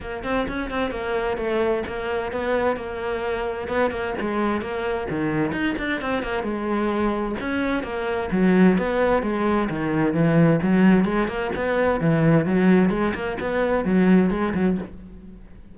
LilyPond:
\new Staff \with { instrumentName = "cello" } { \time 4/4 \tempo 4 = 130 ais8 c'8 cis'8 c'8 ais4 a4 | ais4 b4 ais2 | b8 ais8 gis4 ais4 dis4 | dis'8 d'8 c'8 ais8 gis2 |
cis'4 ais4 fis4 b4 | gis4 dis4 e4 fis4 | gis8 ais8 b4 e4 fis4 | gis8 ais8 b4 fis4 gis8 fis8 | }